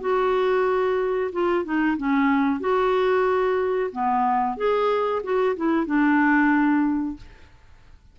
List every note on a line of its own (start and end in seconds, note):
0.00 1.30 F#4
1.32 1.64 F4
1.64 1.97 D#4
1.97 2.60 C#4
2.60 3.90 F#4
3.91 4.57 B3
4.57 5.22 G#4
5.23 5.56 F#4
5.56 5.86 E4
5.86 7.16 D4